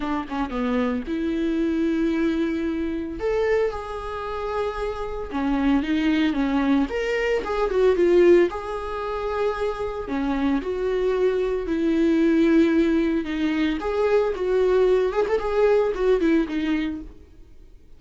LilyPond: \new Staff \with { instrumentName = "viola" } { \time 4/4 \tempo 4 = 113 d'8 cis'8 b4 e'2~ | e'2 a'4 gis'4~ | gis'2 cis'4 dis'4 | cis'4 ais'4 gis'8 fis'8 f'4 |
gis'2. cis'4 | fis'2 e'2~ | e'4 dis'4 gis'4 fis'4~ | fis'8 gis'16 a'16 gis'4 fis'8 e'8 dis'4 | }